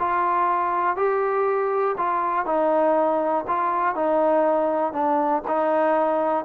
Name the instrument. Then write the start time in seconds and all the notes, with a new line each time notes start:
trombone
0.00 F4
0.97 G4
1.98 F4
2.46 D#4
3.48 F4
3.96 D#4
4.93 D4
5.48 D#4